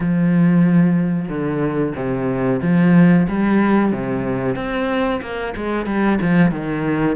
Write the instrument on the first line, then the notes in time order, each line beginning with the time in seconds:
cello
0.00 F3
1.28 D3
1.95 C3
2.61 F3
3.28 G3
3.92 C3
4.55 C4
5.21 A#3
5.56 G#3
5.85 G3
6.21 F3
6.51 D#3